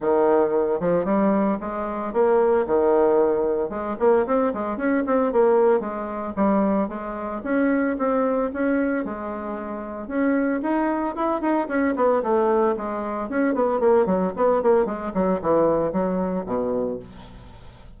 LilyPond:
\new Staff \with { instrumentName = "bassoon" } { \time 4/4 \tempo 4 = 113 dis4. f8 g4 gis4 | ais4 dis2 gis8 ais8 | c'8 gis8 cis'8 c'8 ais4 gis4 | g4 gis4 cis'4 c'4 |
cis'4 gis2 cis'4 | dis'4 e'8 dis'8 cis'8 b8 a4 | gis4 cis'8 b8 ais8 fis8 b8 ais8 | gis8 fis8 e4 fis4 b,4 | }